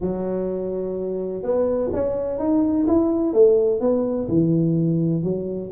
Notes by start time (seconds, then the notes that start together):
0.00 F#3
1.42 B3
1.92 C#4
2.39 D#4
2.87 E4
3.33 A3
3.80 B3
4.28 E3
5.23 F#3